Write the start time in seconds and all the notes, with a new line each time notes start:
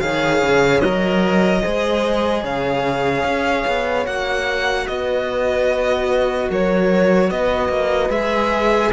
0.00 D#3 G#4 C#5 F5
0.42 C#3
0.81 F#3 A#4 D#5
1.62 G#3 G#4 C5
2.42 C#3 C#5 F5
3.24 C#4
3.67 B3
4.05 A#3 F#4 F#5
4.87 B3 B4 D#5
6.50 F#3 A#4 C#5
7.28 B3 B4 D#5
7.69 A#3
8.10 G#3 G#4 E5